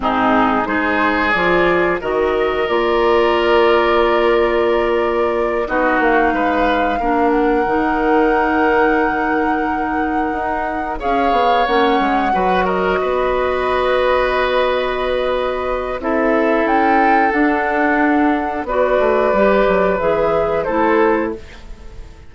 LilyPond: <<
  \new Staff \with { instrumentName = "flute" } { \time 4/4 \tempo 4 = 90 gis'4 c''4 d''4 dis''4 | d''1~ | d''8 dis''8 f''2 fis''4~ | fis''1~ |
fis''8 f''4 fis''4. dis''4~ | dis''1 | e''4 g''4 fis''2 | d''2 e''4 c''4 | }
  \new Staff \with { instrumentName = "oboe" } { \time 4/4 dis'4 gis'2 ais'4~ | ais'1~ | ais'8 fis'4 b'4 ais'4.~ | ais'1~ |
ais'8 cis''2 b'8 ais'8 b'8~ | b'1 | a'1 | b'2. a'4 | }
  \new Staff \with { instrumentName = "clarinet" } { \time 4/4 c'4 dis'4 f'4 fis'4 | f'1~ | f'8 dis'2 d'4 dis'8~ | dis'1~ |
dis'8 gis'4 cis'4 fis'4.~ | fis'1 | e'2 d'2 | fis'4 g'4 gis'4 e'4 | }
  \new Staff \with { instrumentName = "bassoon" } { \time 4/4 gis,4 gis4 f4 dis4 | ais1~ | ais8 b8 ais8 gis4 ais4 dis8~ | dis2.~ dis8 dis'8~ |
dis'8 cis'8 b8 ais8 gis8 fis4 b8~ | b1 | c'4 cis'4 d'2 | b8 a8 g8 fis8 e4 a4 | }
>>